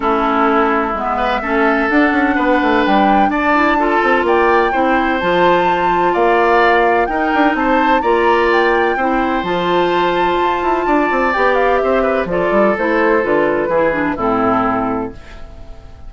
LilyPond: <<
  \new Staff \with { instrumentName = "flute" } { \time 4/4 \tempo 4 = 127 a'2 e''2 | fis''2 g''4 a''4~ | a''4 g''2 a''4~ | a''4 f''2 g''4 |
a''4 ais''4 g''2 | a''1 | g''8 f''8 e''4 d''4 c''4 | b'2 a'2 | }
  \new Staff \with { instrumentName = "oboe" } { \time 4/4 e'2~ e'8 b'8 a'4~ | a'4 b'2 d''4 | a'4 d''4 c''2~ | c''4 d''2 ais'4 |
c''4 d''2 c''4~ | c''2. d''4~ | d''4 c''8 b'8 a'2~ | a'4 gis'4 e'2 | }
  \new Staff \with { instrumentName = "clarinet" } { \time 4/4 cis'2 b4 cis'4 | d'2.~ d'8 e'8 | f'2 e'4 f'4~ | f'2. dis'4~ |
dis'4 f'2 e'4 | f'1 | g'2 f'4 e'4 | f'4 e'8 d'8 c'2 | }
  \new Staff \with { instrumentName = "bassoon" } { \time 4/4 a2 gis4 a4 | d'8 cis'8 b8 a8 g4 d'4~ | d'8 c'8 ais4 c'4 f4~ | f4 ais2 dis'8 d'8 |
c'4 ais2 c'4 | f2 f'8 e'8 d'8 c'8 | b4 c'4 f8 g8 a4 | d4 e4 a,2 | }
>>